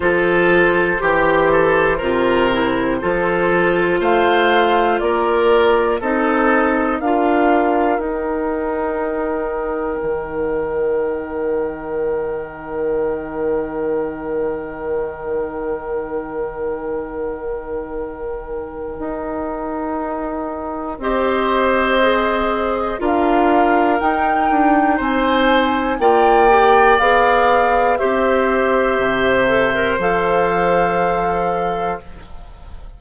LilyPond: <<
  \new Staff \with { instrumentName = "flute" } { \time 4/4 \tempo 4 = 60 c''1 | f''4 d''4 dis''4 f''4 | g''1~ | g''1~ |
g''1~ | g''4 dis''2 f''4 | g''4 gis''4 g''4 f''4 | e''2 f''2 | }
  \new Staff \with { instrumentName = "oboe" } { \time 4/4 a'4 g'8 a'8 ais'4 a'4 | c''4 ais'4 a'4 ais'4~ | ais'1~ | ais'1~ |
ais'1~ | ais'4 c''2 ais'4~ | ais'4 c''4 d''2 | c''1 | }
  \new Staff \with { instrumentName = "clarinet" } { \time 4/4 f'4 g'4 f'8 e'8 f'4~ | f'2 dis'4 f'4 | dis'1~ | dis'1~ |
dis'1~ | dis'4 g'4 gis'4 f'4 | dis'2 f'8 g'8 gis'4 | g'4. a'16 ais'16 a'2 | }
  \new Staff \with { instrumentName = "bassoon" } { \time 4/4 f4 e4 c4 f4 | a4 ais4 c'4 d'4 | dis'2 dis2~ | dis1~ |
dis2. dis'4~ | dis'4 c'2 d'4 | dis'8 d'8 c'4 ais4 b4 | c'4 c4 f2 | }
>>